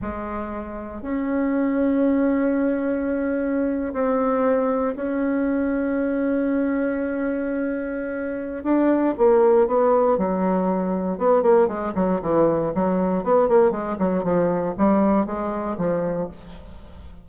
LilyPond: \new Staff \with { instrumentName = "bassoon" } { \time 4/4 \tempo 4 = 118 gis2 cis'2~ | cis'2.~ cis'8. c'16~ | c'4.~ c'16 cis'2~ cis'16~ | cis'1~ |
cis'4 d'4 ais4 b4 | fis2 b8 ais8 gis8 fis8 | e4 fis4 b8 ais8 gis8 fis8 | f4 g4 gis4 f4 | }